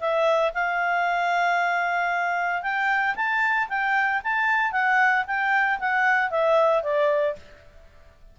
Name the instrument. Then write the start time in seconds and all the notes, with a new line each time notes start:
clarinet
0.00 E5
0.54 F5
2.63 G5
3.16 A5
3.69 G5
4.24 A5
4.72 F#5
5.27 G5
5.80 F#5
6.31 E5
6.83 D5